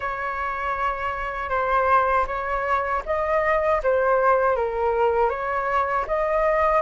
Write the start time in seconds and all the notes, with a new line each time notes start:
0.00 C#5
1.49 C5
2.26 C#5
3.06 D#5
3.83 C5
4.56 A#4
5.29 C#5
6.07 D#5